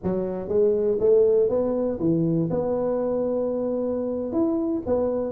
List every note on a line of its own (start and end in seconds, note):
0.03 0.48 F#3
0.48 0.98 G#3
1.00 1.49 A3
1.49 1.98 B3
1.99 2.49 E3
2.50 4.32 B3
4.32 4.82 E4
4.85 5.31 B3